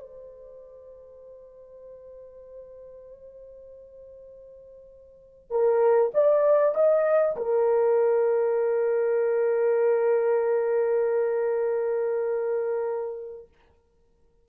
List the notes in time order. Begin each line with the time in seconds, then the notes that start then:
0.00 C5
5.50 A#4
6.14 D5
6.75 D#5
7.36 A#4